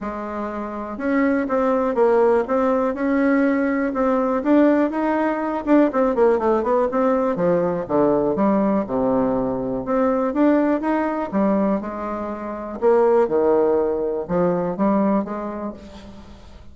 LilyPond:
\new Staff \with { instrumentName = "bassoon" } { \time 4/4 \tempo 4 = 122 gis2 cis'4 c'4 | ais4 c'4 cis'2 | c'4 d'4 dis'4. d'8 | c'8 ais8 a8 b8 c'4 f4 |
d4 g4 c2 | c'4 d'4 dis'4 g4 | gis2 ais4 dis4~ | dis4 f4 g4 gis4 | }